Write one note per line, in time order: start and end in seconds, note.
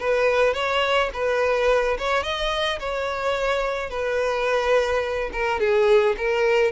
0.00 0.54 B4
0.54 1.10 C#5
1.13 1.98 B4
1.98 2.23 C#5
2.23 2.79 D#5
2.80 3.90 C#5
3.90 5.30 B4
5.33 5.60 A#4
5.60 6.16 G#4
6.18 6.72 A#4